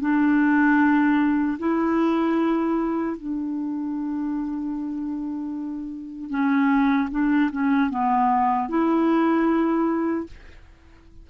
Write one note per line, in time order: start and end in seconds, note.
0.00 1.58 D4
1.58 3.16 E4
3.17 6.29 D4
6.29 7.08 C#4
7.11 7.50 D4
7.51 7.89 C#4
7.89 8.68 B3
8.68 10.26 E4